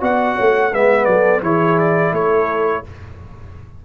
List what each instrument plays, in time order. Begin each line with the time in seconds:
0.00 tuba B3, trombone F#4, horn D5, trumpet F#5
0.35 tuba A3, horn C#5
0.71 tuba G#3, trombone B3, horn B4, trumpet E5
1.04 tuba F#3, horn A4, trumpet D5
1.41 tuba E3, trombone E4, horn G#4, trumpet C#5
1.78 trumpet D5
2.12 tuba A3, horn A4, trumpet C#5